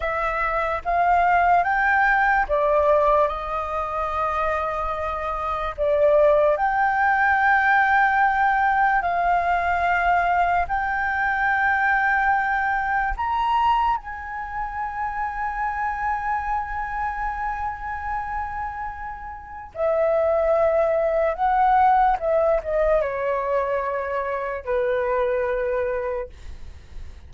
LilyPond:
\new Staff \with { instrumentName = "flute" } { \time 4/4 \tempo 4 = 73 e''4 f''4 g''4 d''4 | dis''2. d''4 | g''2. f''4~ | f''4 g''2. |
ais''4 gis''2.~ | gis''1 | e''2 fis''4 e''8 dis''8 | cis''2 b'2 | }